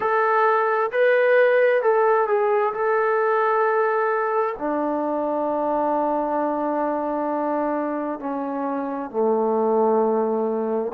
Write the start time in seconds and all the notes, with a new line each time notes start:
0.00 A4
0.91 B4
1.82 A4
2.27 G#4
2.73 A4
4.58 D4
8.19 C#4
9.10 A3